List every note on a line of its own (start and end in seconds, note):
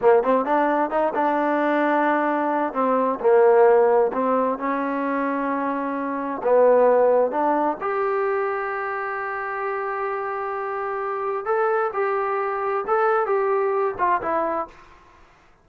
0.01 0.23 A#3
0.23 0.45 C4
0.45 0.90 D4
0.90 1.13 D#4
1.14 2.73 D4
2.73 3.19 C4
3.20 4.11 A#3
4.12 4.58 C4
4.58 6.41 C#4
6.43 7.31 B3
7.31 7.77 D4
7.80 11.45 G4
11.45 11.91 A4
11.93 12.85 G4
12.87 13.26 A4
13.26 13.95 G4
13.98 14.21 F4
14.21 14.67 E4